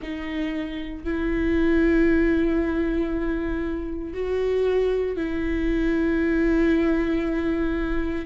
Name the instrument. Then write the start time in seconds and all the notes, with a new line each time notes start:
viola
0.01 D#4
1.03 E4
4.13 F#4
5.16 E4